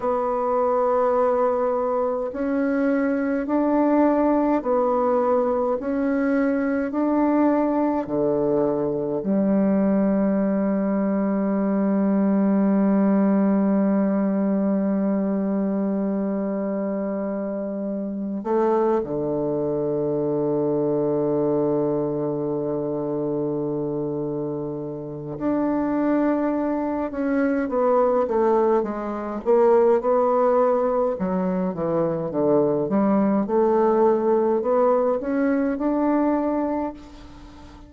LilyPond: \new Staff \with { instrumentName = "bassoon" } { \time 4/4 \tempo 4 = 52 b2 cis'4 d'4 | b4 cis'4 d'4 d4 | g1~ | g1 |
a8 d2.~ d8~ | d2 d'4. cis'8 | b8 a8 gis8 ais8 b4 fis8 e8 | d8 g8 a4 b8 cis'8 d'4 | }